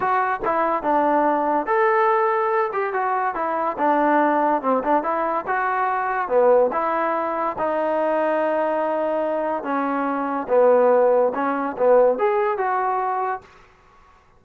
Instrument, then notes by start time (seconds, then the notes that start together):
trombone
0.00 F#4
0.44 E4
0.82 D4
1.66 A4
2.73 G4
2.93 F#4
3.35 E4
3.78 D4
4.62 C4
4.83 D4
5.03 E4
5.46 F#4
6.28 B3
6.72 E4
7.58 D#4
9.63 C#4
10.48 B3
11.34 C#4
11.77 B3
12.18 G#4
12.57 F#4